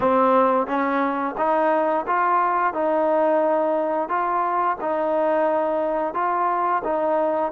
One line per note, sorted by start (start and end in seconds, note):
0.00 0.67 C4
0.67 1.35 C#4
1.37 2.05 D#4
2.06 2.73 F4
2.73 4.08 D#4
4.08 4.77 F4
4.81 6.14 D#4
6.14 6.82 F4
6.84 7.52 D#4